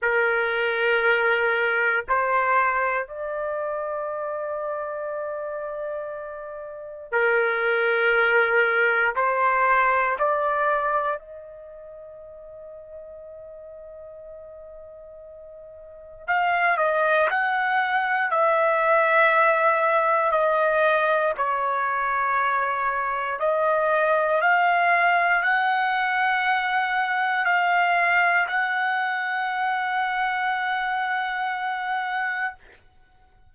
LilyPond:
\new Staff \with { instrumentName = "trumpet" } { \time 4/4 \tempo 4 = 59 ais'2 c''4 d''4~ | d''2. ais'4~ | ais'4 c''4 d''4 dis''4~ | dis''1 |
f''8 dis''8 fis''4 e''2 | dis''4 cis''2 dis''4 | f''4 fis''2 f''4 | fis''1 | }